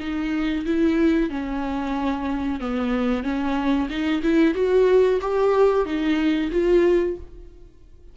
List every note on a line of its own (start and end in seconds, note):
0.00 0.65 D#4
0.66 1.30 E4
1.30 2.60 C#4
2.60 3.24 B3
3.24 3.89 C#4
3.90 4.22 D#4
4.23 4.54 E4
4.54 5.20 F#4
5.21 5.85 G4
5.85 6.51 D#4
6.51 7.17 F4